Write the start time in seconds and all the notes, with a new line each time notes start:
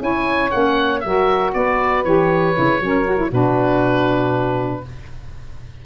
0.00 C#4 E4 C#5 G#5
0.51 A#3 C#4 F#5
1.01 F#3 F#4 A#4 E5
1.54 B3 B4 D5
2.05 E3 G4 C#5
2.55 C#3 E4
2.81 F#3 C#4 A#4
3.08 F#4
3.17 E4
3.29 B2 D4 F#4 B4